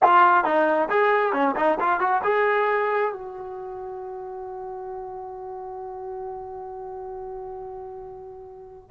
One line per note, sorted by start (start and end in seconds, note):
0.02 0.44 F4
0.44 0.88 D#4
0.89 1.33 G#4
1.33 1.55 C#4
1.56 1.78 D#4
1.79 2.00 F4
2.00 2.22 F#4
2.23 3.12 G#4
3.12 8.90 F#4